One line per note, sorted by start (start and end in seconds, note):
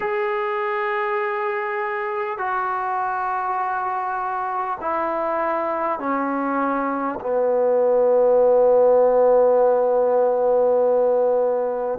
0.00 2.37 G#4
2.37 4.77 F#4
4.80 5.99 E4
5.99 7.19 C#4
7.20 11.99 B3